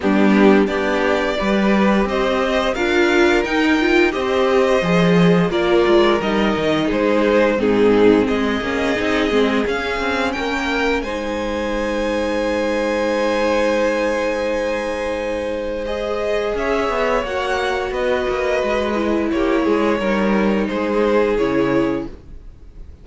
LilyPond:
<<
  \new Staff \with { instrumentName = "violin" } { \time 4/4 \tempo 4 = 87 g'4 d''2 dis''4 | f''4 g''4 dis''2 | d''4 dis''4 c''4 gis'4 | dis''2 f''4 g''4 |
gis''1~ | gis''2. dis''4 | e''4 fis''4 dis''2 | cis''2 c''4 cis''4 | }
  \new Staff \with { instrumentName = "violin" } { \time 4/4 d'4 g'4 b'4 c''4 | ais'2 c''2 | ais'2 gis'4 dis'4 | gis'2. ais'4 |
c''1~ | c''1 | cis''2 b'2 | g'8 gis'8 ais'4 gis'2 | }
  \new Staff \with { instrumentName = "viola" } { \time 4/4 b4 d'4 g'2 | f'4 dis'8 f'8 g'4 gis'4 | f'4 dis'2 c'4~ | c'8 cis'8 dis'8 c'8 cis'2 |
dis'1~ | dis'2. gis'4~ | gis'4 fis'2~ fis'8 e'8~ | e'4 dis'2 e'4 | }
  \new Staff \with { instrumentName = "cello" } { \time 4/4 g4 b4 g4 c'4 | d'4 dis'4 c'4 f4 | ais8 gis8 g8 dis8 gis4 gis,4 | gis8 ais8 c'8 gis8 cis'8 c'8 ais4 |
gis1~ | gis1 | cis'8 b8 ais4 b8 ais8 gis4 | ais8 gis8 g4 gis4 cis4 | }
>>